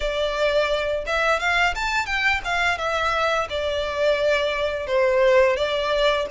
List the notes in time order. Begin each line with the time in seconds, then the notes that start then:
0.00 D5
1.06 E5
1.39 F5
1.75 A5
2.06 G5
2.44 F5
2.77 E5
3.49 D5
4.86 C5
5.56 D5